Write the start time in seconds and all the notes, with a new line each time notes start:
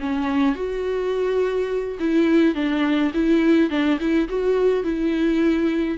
0.00 C#4
0.55 F#4
2.00 E4
2.55 D4
3.14 E4
3.70 D4
4.00 E4
4.29 F#4
4.84 E4